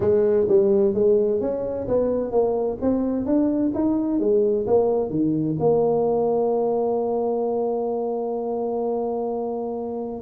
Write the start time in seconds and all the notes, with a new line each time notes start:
0.00 G#3
0.48 G3
0.94 G#3
1.40 C#4
1.87 B3
2.31 A#3
2.81 C4
3.25 D4
3.74 D#4
4.19 G#3
4.66 A#3
5.10 D#3
5.59 A#3